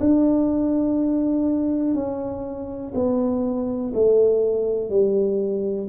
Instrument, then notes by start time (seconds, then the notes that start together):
tuba
0.00 D4
1.94 C#4
2.94 B3
3.94 A3
4.90 G3